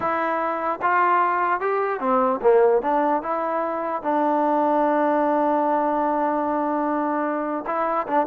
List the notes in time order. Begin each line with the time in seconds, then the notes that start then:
0.00 E4
0.82 F4
1.60 G4
2.00 C4
2.41 A#3
2.82 D4
3.22 E4
4.02 D4
7.66 E4
8.07 D4